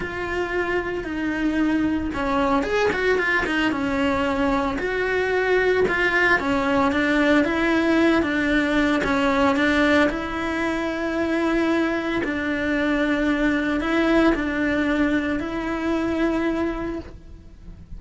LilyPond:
\new Staff \with { instrumentName = "cello" } { \time 4/4 \tempo 4 = 113 f'2 dis'2 | cis'4 gis'8 fis'8 f'8 dis'8 cis'4~ | cis'4 fis'2 f'4 | cis'4 d'4 e'4. d'8~ |
d'4 cis'4 d'4 e'4~ | e'2. d'4~ | d'2 e'4 d'4~ | d'4 e'2. | }